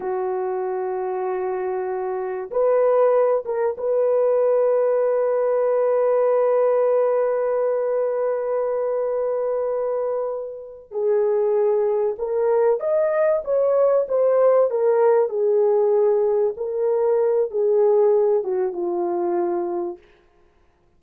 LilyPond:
\new Staff \with { instrumentName = "horn" } { \time 4/4 \tempo 4 = 96 fis'1 | b'4. ais'8 b'2~ | b'1~ | b'1~ |
b'4. gis'2 ais'8~ | ais'8 dis''4 cis''4 c''4 ais'8~ | ais'8 gis'2 ais'4. | gis'4. fis'8 f'2 | }